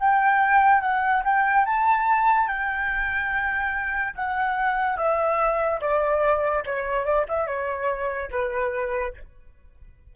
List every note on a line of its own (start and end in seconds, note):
0.00 0.81 G5
0.81 1.23 F#5
1.24 1.66 G5
1.66 2.48 A5
2.48 4.14 G5
4.15 4.97 F#5
4.97 5.80 E5
5.81 6.64 D5
6.66 7.05 C#5
7.05 7.26 D5
7.28 7.47 E5
7.47 8.30 C#5
8.31 9.14 B4